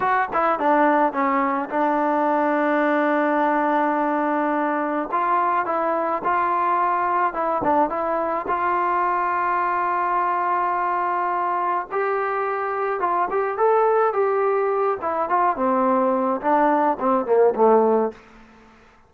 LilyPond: \new Staff \with { instrumentName = "trombone" } { \time 4/4 \tempo 4 = 106 fis'8 e'8 d'4 cis'4 d'4~ | d'1~ | d'4 f'4 e'4 f'4~ | f'4 e'8 d'8 e'4 f'4~ |
f'1~ | f'4 g'2 f'8 g'8 | a'4 g'4. e'8 f'8 c'8~ | c'4 d'4 c'8 ais8 a4 | }